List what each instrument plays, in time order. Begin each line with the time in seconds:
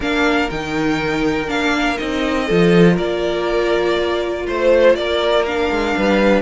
0.00 cello A#3, viola D4, violin A#4 F5
0.50 cello D#3, viola D#4, violin G5
1.47 cello A#3, viola D4, violin F5
1.97 cello C4, viola D#4, violin D#5
2.46 cello F3, viola F4, violin A4
2.95 cello A#3, violin A#4 D5
4.47 cello A3, violin C5
4.94 cello A#3, violin A#4 D5
5.45 viola D4, violin F5
5.70 cello G#3
5.96 cello G3, violin B4